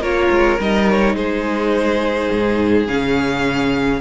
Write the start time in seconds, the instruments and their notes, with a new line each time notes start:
0.00 cello A#3, viola F4, violin A#4 C#5
0.31 cello G#3
0.60 cello G3, viola D#4, violin D#5
0.90 violin C#5
1.15 cello G#3, violin G#4 C5
2.31 cello G#2
2.88 cello C#3, viola C#4, violin F5